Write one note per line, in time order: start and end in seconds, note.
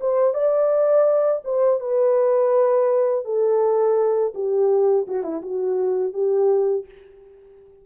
0.00 0.34 C5
0.34 1.42 D5
1.44 1.80 C5
1.80 3.24 B4
3.25 4.33 A4
4.34 5.06 G4
5.07 5.23 F#4
5.23 5.42 E4
5.42 6.13 F#4
6.13 6.85 G4